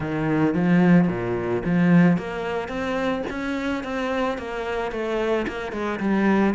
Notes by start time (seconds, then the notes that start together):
0.00 D#3
0.54 F3
1.08 A#2
1.64 F3
2.17 A#3
2.68 C4
3.30 C#4
3.83 C4
4.38 A#3
4.91 A3
5.47 A#3
5.72 G#3
5.99 G3